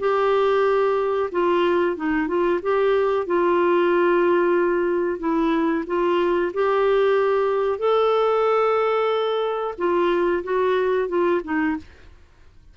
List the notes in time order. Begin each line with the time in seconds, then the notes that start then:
0.00 G4
1.32 F4
1.97 D#4
2.28 F4
2.63 G4
3.26 F4
5.19 E4
5.87 F4
6.54 G4
7.79 A4
9.78 F4
10.44 F#4
11.09 F4
11.44 D#4